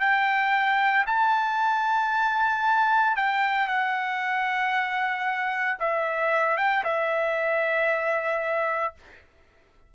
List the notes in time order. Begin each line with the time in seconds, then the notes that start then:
0.00 G5
1.06 A5
3.16 G5
3.67 F#5
5.79 E5
6.57 G5
6.84 E5